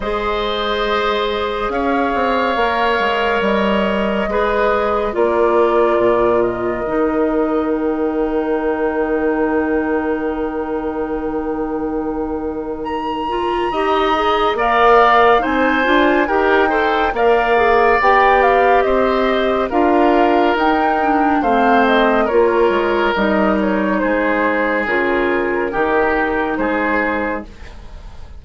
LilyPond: <<
  \new Staff \with { instrumentName = "flute" } { \time 4/4 \tempo 4 = 70 dis''2 f''2 | dis''2 d''4. dis''8~ | dis''4 g''2.~ | g''2. ais''4~ |
ais''4 f''4 gis''4 g''4 | f''4 g''8 f''8 dis''4 f''4 | g''4 f''8 dis''8 cis''4 dis''8 cis''8 | c''4 ais'2 c''4 | }
  \new Staff \with { instrumentName = "oboe" } { \time 4/4 c''2 cis''2~ | cis''4 b'4 ais'2~ | ais'1~ | ais'1 |
dis''4 d''4 c''4 ais'8 c''8 | d''2 c''4 ais'4~ | ais'4 c''4 ais'2 | gis'2 g'4 gis'4 | }
  \new Staff \with { instrumentName = "clarinet" } { \time 4/4 gis'2. ais'4~ | ais'4 gis'4 f'2 | dis'1~ | dis'2.~ dis'8 f'8 |
g'8 gis'8 ais'4 dis'8 f'8 g'8 a'8 | ais'8 gis'8 g'2 f'4 | dis'8 d'8 c'4 f'4 dis'4~ | dis'4 f'4 dis'2 | }
  \new Staff \with { instrumentName = "bassoon" } { \time 4/4 gis2 cis'8 c'8 ais8 gis8 | g4 gis4 ais4 ais,4 | dis1~ | dis1 |
dis'4 ais4 c'8 d'8 dis'4 | ais4 b4 c'4 d'4 | dis'4 a4 ais8 gis8 g4 | gis4 cis4 dis4 gis4 | }
>>